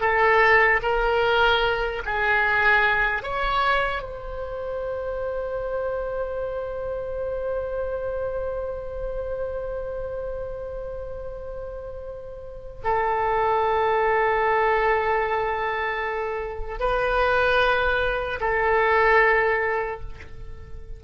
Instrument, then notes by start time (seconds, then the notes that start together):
oboe
0.00 A4
0.82 A#4
2.05 G#4
3.23 C#5
4.02 C5
12.84 A4
16.79 B4
18.40 A4